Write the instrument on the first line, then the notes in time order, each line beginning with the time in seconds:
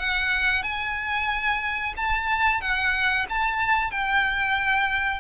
violin
0.00 F#5
0.63 G#5
1.97 A5
2.61 F#5
3.30 A5
3.92 G5